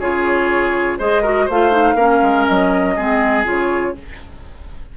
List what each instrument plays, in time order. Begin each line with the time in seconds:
0.00 bassoon C#3, clarinet F4, oboe G#4, flute C#5
0.99 bassoon G#3, clarinet G#4, oboe C5, flute D#5
1.22 clarinet F#4, oboe A#4
1.45 bassoon A3, clarinet F4, oboe C5, flute F5
1.71 clarinet D#4
1.95 bassoon A#3, clarinet C#4, oboe A#4
2.22 bassoon G#3
2.47 bassoon F#3, flute D#5
2.96 bassoon G#3, clarinet C4, oboe G#4
3.44 bassoon C#3, clarinet F4, flute C#5